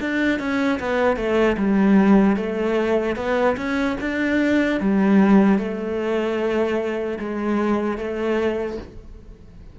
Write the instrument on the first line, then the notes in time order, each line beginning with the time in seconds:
cello
0.00 D4
0.39 C#4
0.79 B3
1.16 A3
1.57 G3
2.36 A3
3.16 B3
3.57 C#4
4.00 D4
4.80 G3
5.58 A3
7.19 G#3
7.97 A3